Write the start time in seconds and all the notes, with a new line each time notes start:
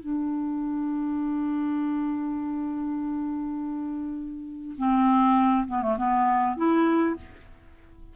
0.00 D4
4.78 C4
5.67 B3
5.82 A3
5.97 B3
6.56 E4